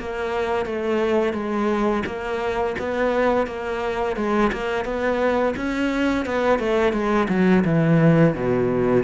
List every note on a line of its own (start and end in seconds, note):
0.00 0.66 A#3
0.66 1.34 A3
1.34 2.03 G#3
2.06 2.76 A#3
2.79 3.47 B3
3.47 4.17 A#3
4.17 4.52 G#3
4.53 4.85 A#3
4.85 5.55 B3
5.57 6.26 C#4
6.26 6.59 B3
6.59 6.93 A3
6.93 7.28 G#3
7.29 7.64 F#3
7.65 8.35 E3
8.35 9.04 B2